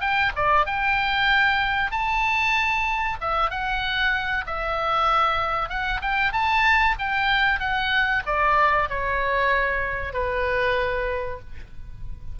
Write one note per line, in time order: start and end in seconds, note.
0.00 0.32 G5
0.36 0.65 D5
0.65 1.91 G5
1.91 3.17 A5
3.20 3.50 E5
3.50 4.45 F#5
4.46 5.69 E5
5.69 6.00 F#5
6.01 6.32 G5
6.32 6.95 A5
6.98 7.59 G5
7.59 8.22 F#5
8.26 8.89 D5
8.89 10.13 C#5
10.13 11.39 B4